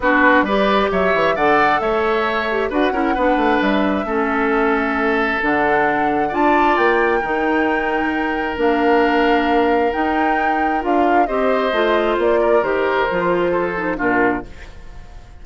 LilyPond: <<
  \new Staff \with { instrumentName = "flute" } { \time 4/4 \tempo 4 = 133 b'4 d''4 e''4 fis''4 | e''2 fis''2 | e''1 | fis''2 a''4 g''4~ |
g''2. f''4~ | f''2 g''2 | f''4 dis''2 d''4 | c''2. ais'4 | }
  \new Staff \with { instrumentName = "oboe" } { \time 4/4 fis'4 b'4 cis''4 d''4 | cis''2 b'8 ais'8 b'4~ | b'4 a'2.~ | a'2 d''2 |
ais'1~ | ais'1~ | ais'4 c''2~ c''8 ais'8~ | ais'2 a'4 f'4 | }
  \new Staff \with { instrumentName = "clarinet" } { \time 4/4 d'4 g'2 a'4~ | a'4. g'8 fis'8 e'8 d'4~ | d'4 cis'2. | d'2 f'2 |
dis'2. d'4~ | d'2 dis'2 | f'4 g'4 f'2 | g'4 f'4. dis'8 d'4 | }
  \new Staff \with { instrumentName = "bassoon" } { \time 4/4 b4 g4 fis8 e8 d4 | a2 d'8 cis'8 b8 a8 | g4 a2. | d2 d'4 ais4 |
dis2. ais4~ | ais2 dis'2 | d'4 c'4 a4 ais4 | dis4 f2 ais,4 | }
>>